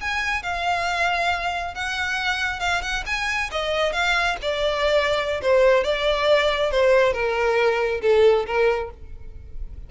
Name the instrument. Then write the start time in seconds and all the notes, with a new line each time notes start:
violin
0.00 G#5
0.42 F5
1.74 F#5
2.59 F5
2.81 F#5
3.06 G#5
3.51 D#5
3.92 F5
4.41 D5
5.41 C5
5.83 D5
6.71 C5
7.12 A#4
8.01 A4
8.46 A#4